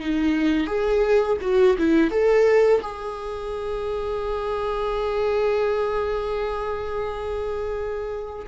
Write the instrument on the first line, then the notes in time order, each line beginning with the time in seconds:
viola
0.00 D#4
0.67 G#4
1.41 F#4
1.78 E4
2.10 A4
2.81 G#4